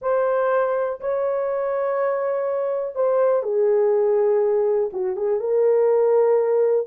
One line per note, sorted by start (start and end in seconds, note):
0.01 1.00 C5
1.00 2.95 C#5
2.95 3.42 C5
3.42 4.90 G#4
4.92 5.16 F#4
5.16 5.40 G#4
5.40 6.87 A#4